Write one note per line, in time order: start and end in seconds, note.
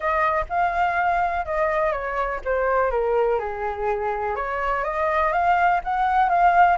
0.00 0.45 D#5
0.49 1.45 F5
1.45 1.92 D#5
1.92 2.40 C#5
2.44 2.90 C5
2.90 3.39 A#4
3.39 4.35 G#4
4.35 4.83 C#5
4.84 5.32 D#5
5.32 5.80 F5
5.84 6.29 F#5
6.29 6.77 F5